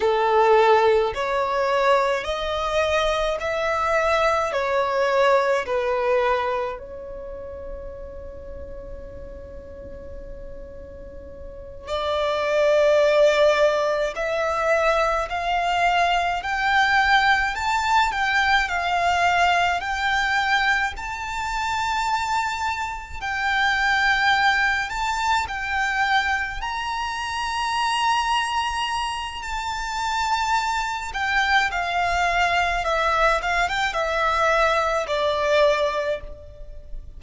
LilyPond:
\new Staff \with { instrumentName = "violin" } { \time 4/4 \tempo 4 = 53 a'4 cis''4 dis''4 e''4 | cis''4 b'4 cis''2~ | cis''2~ cis''8 d''4.~ | d''8 e''4 f''4 g''4 a''8 |
g''8 f''4 g''4 a''4.~ | a''8 g''4. a''8 g''4 ais''8~ | ais''2 a''4. g''8 | f''4 e''8 f''16 g''16 e''4 d''4 | }